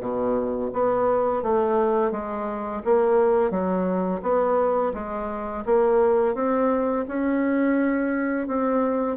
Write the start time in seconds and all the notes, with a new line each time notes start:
0.00 B2
0.73 B3
1.42 A3
2.11 G#3
2.84 A#3
3.50 F#3
4.22 B3
4.93 G#3
5.65 A#3
6.34 C4
7.07 C#4
8.47 C4